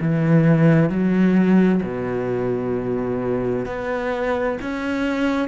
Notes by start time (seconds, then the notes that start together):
0.00 E3
0.89 F#3
1.83 B2
3.66 B3
4.62 C#4